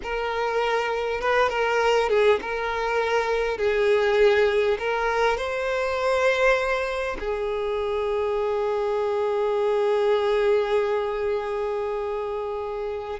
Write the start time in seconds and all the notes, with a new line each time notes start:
0.02 A#4
1.21 B4
1.49 A#4
2.09 G#4
2.41 A#4
3.57 G#4
4.78 A#4
5.37 C5
7.19 G#4